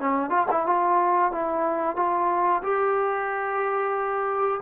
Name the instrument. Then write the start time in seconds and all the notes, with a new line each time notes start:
trombone
0.00 C#4
0.30 F4
0.51 E4
0.67 F4
1.32 E4
1.96 F4
2.63 G4